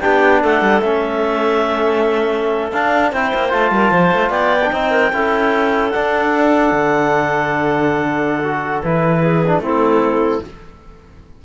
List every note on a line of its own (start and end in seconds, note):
0.00 0.43 B3
0.00 0.82 D4
0.00 0.41 G4
0.00 0.40 G5
0.41 0.61 A3
0.41 3.10 A4
0.41 0.80 F#5
0.61 0.81 G3
0.80 2.71 A3
0.80 2.73 C#4
0.80 2.70 E5
2.70 3.12 D4
2.70 3.13 D4
2.70 3.10 F5
3.11 3.32 C4
3.11 3.49 E4
3.11 3.71 C5
3.11 3.52 G5
3.34 3.53 A#3
3.49 3.70 A3
3.49 4.59 F4
3.49 4.30 A5
3.70 3.90 G3
3.70 3.91 A#4
3.91 4.11 F3
3.91 4.30 C5
4.12 4.29 A3
4.29 4.69 B3
4.29 4.70 D5
4.29 5.90 G5
4.64 4.72 D4
4.72 5.12 C4
4.72 5.12 D#4
4.72 4.91 C5
4.91 5.11 A#4
5.12 5.92 C#4
5.12 5.92 E4
5.12 9.21 A4
5.90 8.42 D4
5.90 6.72 D4
5.90 8.80 F#5
6.72 8.82 D3
8.43 8.83 F#4
8.81 9.59 E3
8.81 9.43 E4
8.81 9.61 B4
9.21 9.61 G#4
9.46 9.62 D4
9.59 10.39 A3
9.59 10.42 C4
9.59 10.42 E4
9.59 10.44 A4